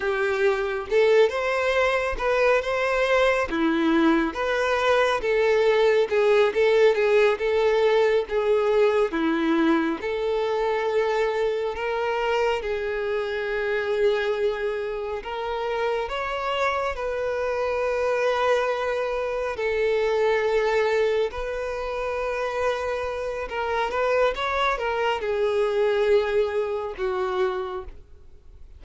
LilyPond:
\new Staff \with { instrumentName = "violin" } { \time 4/4 \tempo 4 = 69 g'4 a'8 c''4 b'8 c''4 | e'4 b'4 a'4 gis'8 a'8 | gis'8 a'4 gis'4 e'4 a'8~ | a'4. ais'4 gis'4.~ |
gis'4. ais'4 cis''4 b'8~ | b'2~ b'8 a'4.~ | a'8 b'2~ b'8 ais'8 b'8 | cis''8 ais'8 gis'2 fis'4 | }